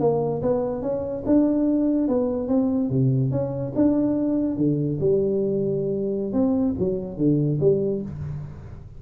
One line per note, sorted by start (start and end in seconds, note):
0.00 0.42 A#3
0.42 0.82 B3
0.82 1.24 C#4
1.26 2.08 D4
2.08 2.48 B3
2.48 2.90 C4
2.90 3.31 C3
3.31 3.73 C#4
3.76 4.57 D4
4.57 4.99 D3
5.00 6.33 G3
6.33 6.75 C4
6.79 7.17 F#3
7.17 7.59 D3
7.61 8.02 G3